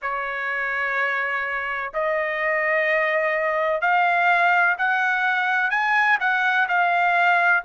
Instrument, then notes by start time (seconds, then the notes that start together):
trumpet
0.02 C#5
1.93 D#5
3.81 F5
4.77 F#5
5.70 G#5
6.19 F#5
6.68 F5